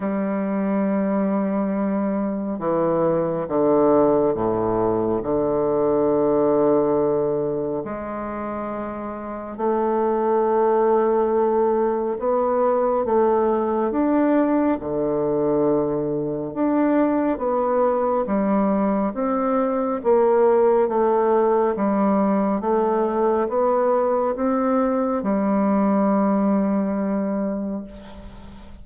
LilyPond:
\new Staff \with { instrumentName = "bassoon" } { \time 4/4 \tempo 4 = 69 g2. e4 | d4 a,4 d2~ | d4 gis2 a4~ | a2 b4 a4 |
d'4 d2 d'4 | b4 g4 c'4 ais4 | a4 g4 a4 b4 | c'4 g2. | }